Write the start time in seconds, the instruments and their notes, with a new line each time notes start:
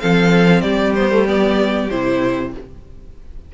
0.00 cello F3, viola C4, violin A4 F5
0.61 cello G3, violin G4 D5
0.95 viola B3, violin C5
1.11 viola A3
1.26 viola B3, violin D5
1.90 cello C3, viola E4, violin C5